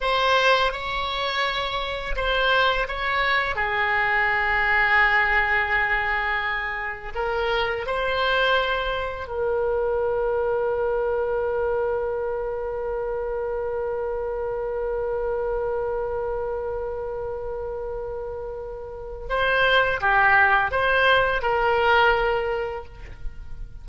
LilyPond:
\new Staff \with { instrumentName = "oboe" } { \time 4/4 \tempo 4 = 84 c''4 cis''2 c''4 | cis''4 gis'2.~ | gis'2 ais'4 c''4~ | c''4 ais'2.~ |
ais'1~ | ais'1~ | ais'2. c''4 | g'4 c''4 ais'2 | }